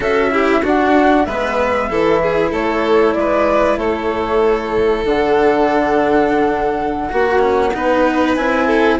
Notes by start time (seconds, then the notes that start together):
0.00 C#4 F#4 A4 E5
0.30 E4 G4
0.62 D4 F#4 F#5
1.25 G#3 B3 B4 E5
1.89 E3 E4 A4
2.22 G#4
2.51 A3 A4 C#5
3.14 G#3 B4 D5
3.77 A3 A4 C#5
5.04 D3 D4 F#5
7.09 A#3 F#4
7.39 C#4
7.73 B3 D#4 B4
8.34 C4 E4 G#5
8.66 A4